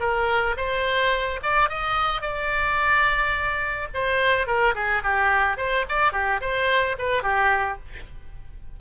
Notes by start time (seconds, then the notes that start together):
0.00 A#4
0.57 C5
1.43 D5
1.69 D#5
2.21 D5
3.94 C5
4.46 A#4
4.75 G#4
5.03 G4
5.57 C5
5.89 D5
6.12 G4
6.41 C5
6.98 B4
7.23 G4